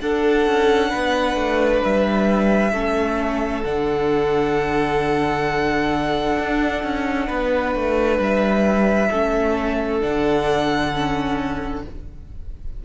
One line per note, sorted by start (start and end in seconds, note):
0.00 0.46 D4
0.00 2.73 D4
0.00 0.89 A4
0.00 1.82 F#5
0.46 0.92 C#4
0.89 1.35 B3
0.89 2.71 B4
1.35 1.80 A3
1.83 2.72 G3
1.83 3.63 E5
2.72 3.63 A3
2.72 3.63 C#4
2.72 7.26 A4
3.63 6.37 D3
3.63 9.10 D4
3.63 8.18 F#5
6.39 6.83 D4
6.83 7.28 C#4
7.27 7.75 B3
7.27 9.08 B4
7.75 8.18 A3
8.18 9.09 G3
8.18 10.01 E5
9.09 10.02 A3
9.09 10.00 C#4
9.09 11.82 A4
10.00 11.85 D3
10.00 10.91 D4
10.00 11.83 F#5
10.93 11.84 C#4